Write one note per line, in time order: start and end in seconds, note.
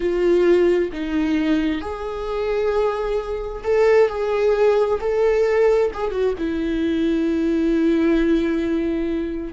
0.00 0.91 F4
0.92 1.81 D#4
1.81 3.63 G#4
3.63 4.08 A4
4.08 4.99 G#4
5.00 5.91 A4
5.93 6.11 G#4
6.11 6.33 F#4
6.38 9.53 E4